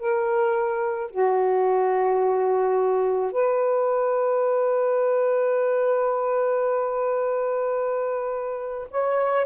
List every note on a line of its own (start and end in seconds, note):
0.00 1.11 A#4
1.12 3.32 F#4
3.32 8.88 B4
8.91 9.46 C#5